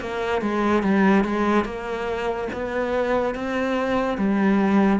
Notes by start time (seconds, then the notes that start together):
0.00 A#3
0.41 G#3
0.83 G3
1.24 G#3
1.64 A#3
2.52 B3
3.34 C4
4.17 G3